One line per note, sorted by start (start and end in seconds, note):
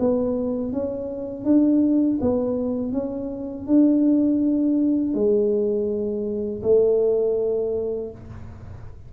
0.00 0.73 B3
0.73 1.44 C#4
1.44 2.19 D4
2.21 2.93 B3
2.93 3.67 C#4
3.67 5.14 D4
5.14 6.62 G#3
6.63 8.11 A3